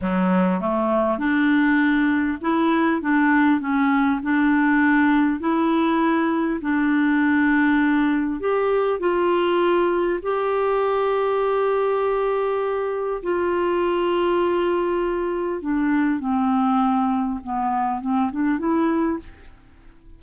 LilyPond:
\new Staff \with { instrumentName = "clarinet" } { \time 4/4 \tempo 4 = 100 fis4 a4 d'2 | e'4 d'4 cis'4 d'4~ | d'4 e'2 d'4~ | d'2 g'4 f'4~ |
f'4 g'2.~ | g'2 f'2~ | f'2 d'4 c'4~ | c'4 b4 c'8 d'8 e'4 | }